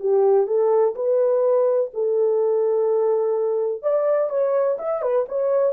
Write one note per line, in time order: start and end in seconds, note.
0.00 0.46 G4
0.46 0.94 A4
0.95 1.90 B4
1.93 3.82 A4
3.82 4.29 D5
4.29 4.77 C#5
4.78 5.02 E5
5.02 5.26 B4
5.28 5.73 C#5